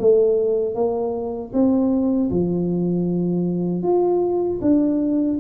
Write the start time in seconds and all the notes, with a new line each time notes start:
0.00 A3
0.75 A#3
1.53 C4
2.31 F3
3.83 F4
4.62 D4